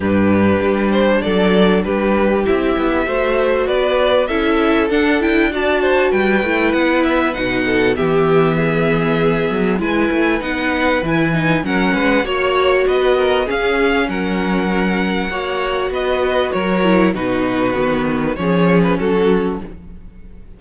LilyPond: <<
  \new Staff \with { instrumentName = "violin" } { \time 4/4 \tempo 4 = 98 b'4. c''8 d''4 b'4 | e''2 d''4 e''4 | fis''8 g''8 a''4 g''4 fis''8 e''8 | fis''4 e''2. |
gis''4 fis''4 gis''4 fis''4 | cis''4 dis''4 f''4 fis''4~ | fis''2 dis''4 cis''4 | b'2 cis''8. b'16 a'4 | }
  \new Staff \with { instrumentName = "violin" } { \time 4/4 g'2 a'4 g'4~ | g'4 c''4 b'4 a'4~ | a'4 d''8 c''8 b'2~ | b'8 a'8 g'4 gis'2 |
b'2. ais'8 b'8 | cis''4 b'8 ais'8 gis'4 ais'4~ | ais'4 cis''4 b'4 ais'4 | fis'2 gis'4 fis'4 | }
  \new Staff \with { instrumentName = "viola" } { \time 4/4 d'1 | e'4 fis'2 e'4 | d'8 e'8 fis'4. e'4. | dis'4 b2. |
e'4 dis'4 e'8 dis'8 cis'4 | fis'2 cis'2~ | cis'4 fis'2~ fis'8 e'8 | dis'4 b4 cis'2 | }
  \new Staff \with { instrumentName = "cello" } { \time 4/4 g,4 g4 fis4 g4 | c'8 b8 a4 b4 cis'4 | d'2 g8 a8 b4 | b,4 e2~ e8 fis8 |
gis8 a8 b4 e4 fis8 gis8 | ais4 b4 cis'4 fis4~ | fis4 ais4 b4 fis4 | b,4 dis4 f4 fis4 | }
>>